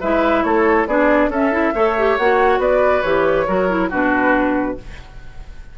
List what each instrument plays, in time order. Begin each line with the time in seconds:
0.00 bassoon G#3, clarinet E4, oboe B4, flute E5
0.43 bassoon A3, oboe A4, flute C#5
0.87 bassoon B3, clarinet D4, oboe G#4, flute D5
1.28 bassoon C#4, clarinet C#4, oboe A4, flute E5
1.51 clarinet E4
1.74 bassoon A3, clarinet A4, oboe C#5
1.98 clarinet G4
2.17 bassoon A#3, clarinet F#4, flute F#5
2.58 bassoon B3, oboe B4, flute D5
3.02 bassoon E3, clarinet G4, flute C#5
3.47 bassoon F#3, clarinet F#4, oboe A#4
3.68 clarinet E4
3.89 bassoon B2, clarinet D4, oboe F#4, flute B4